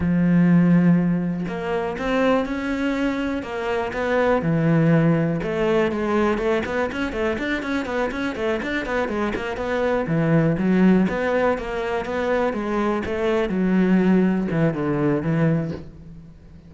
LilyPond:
\new Staff \with { instrumentName = "cello" } { \time 4/4 \tempo 4 = 122 f2. ais4 | c'4 cis'2 ais4 | b4 e2 a4 | gis4 a8 b8 cis'8 a8 d'8 cis'8 |
b8 cis'8 a8 d'8 b8 gis8 ais8 b8~ | b8 e4 fis4 b4 ais8~ | ais8 b4 gis4 a4 fis8~ | fis4. e8 d4 e4 | }